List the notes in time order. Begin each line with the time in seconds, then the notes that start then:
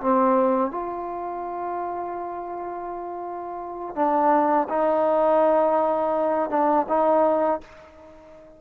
0.00 C4
0.71 F4
3.95 D4
4.69 D#4
6.50 D4
6.88 D#4